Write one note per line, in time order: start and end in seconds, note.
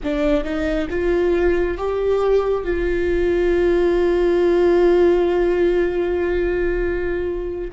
0.03 0.44 D4
0.44 0.88 D#4
0.90 1.77 F4
1.77 2.64 G4
2.64 7.71 F4